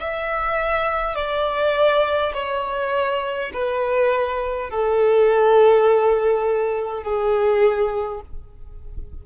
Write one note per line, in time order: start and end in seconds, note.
0.00 1.15 E5
1.15 2.33 D5
2.34 3.51 C#5
3.53 4.70 B4
4.70 7.03 A4
7.03 8.21 G#4